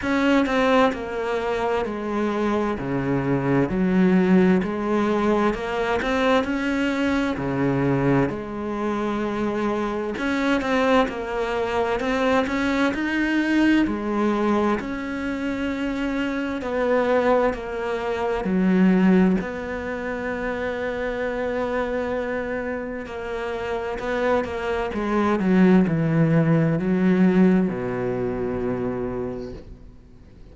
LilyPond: \new Staff \with { instrumentName = "cello" } { \time 4/4 \tempo 4 = 65 cis'8 c'8 ais4 gis4 cis4 | fis4 gis4 ais8 c'8 cis'4 | cis4 gis2 cis'8 c'8 | ais4 c'8 cis'8 dis'4 gis4 |
cis'2 b4 ais4 | fis4 b2.~ | b4 ais4 b8 ais8 gis8 fis8 | e4 fis4 b,2 | }